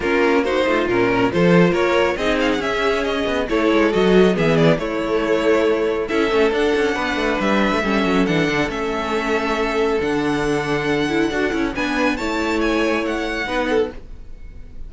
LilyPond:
<<
  \new Staff \with { instrumentName = "violin" } { \time 4/4 \tempo 4 = 138 ais'4 c''4 ais'4 c''4 | cis''4 dis''8 f''16 fis''16 e''4 dis''4 | cis''4 dis''4 e''8 d''8 cis''4~ | cis''2 e''4 fis''4~ |
fis''4 e''2 fis''4 | e''2. fis''4~ | fis''2. gis''4 | a''4 gis''4 fis''2 | }
  \new Staff \with { instrumentName = "violin" } { \time 4/4 f'4 fis'8 f'4 ais'8 a'4 | ais'4 gis'2. | a'2 gis'4 e'4~ | e'2 a'2 |
b'2 a'2~ | a'1~ | a'2. b'4 | cis''2. b'8 a'8 | }
  \new Staff \with { instrumentName = "viola" } { \time 4/4 cis'4 dis'4 cis'4 f'4~ | f'4 dis'4 cis'2 | e'4 fis'4 b4 a4~ | a2 e'8 cis'8 d'4~ |
d'2 cis'4 d'4 | cis'2. d'4~ | d'4. e'8 fis'8 e'8 d'4 | e'2. dis'4 | }
  \new Staff \with { instrumentName = "cello" } { \time 4/4 ais4. a8 ais,4 f4 | ais4 c'4 cis'4. b8 | a8 gis8 fis4 e4 a4~ | a2 cis'8 a8 d'8 cis'8 |
b8 a8 g8. a16 g8 fis8 e8 d8 | a2. d4~ | d2 d'8 cis'8 b4 | a2. b4 | }
>>